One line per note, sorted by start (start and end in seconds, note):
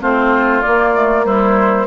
0.00 0.64 A3
0.00 0.62 C4
0.00 1.26 F4
0.00 0.61 C5
0.61 0.94 A#3
0.61 1.87 A#3
0.61 1.24 D5
0.94 1.24 A3
1.24 1.86 G3
1.24 1.87 E4
1.24 1.87 C5